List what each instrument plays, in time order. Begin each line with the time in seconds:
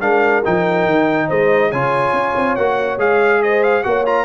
0.00 tuba G#3, trombone D4, horn A#4, trumpet F5
0.44 tuba F3, trombone D#4, trumpet G5
0.85 tuba D#3
1.27 tuba G#3, horn C5, trumpet D#5
1.70 tuba C#3, trombone F4, horn C#5, trumpet G#5
2.13 tuba C#4
2.35 tuba C4
2.55 tuba A#3, trombone F#4, trumpet F#5
2.97 tuba G#3, trombone G#4, trumpet F5
3.42 horn C5, trumpet D#5
3.63 trumpet F5
3.83 tuba A#3, trombone F#4, horn C#5, trumpet F#5
4.05 trombone F4, trumpet A#5